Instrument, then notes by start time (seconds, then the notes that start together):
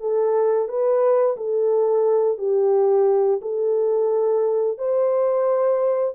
horn
0.00 A4
0.68 B4
1.37 A4
2.38 G4
3.42 A4
4.78 C5